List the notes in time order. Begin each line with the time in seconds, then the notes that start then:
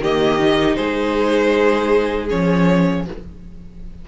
0.00 D#3 A#3 G4 D#5
0.39 D#4
0.75 G#3 G#4 C5
2.29 F3 C#4 C#5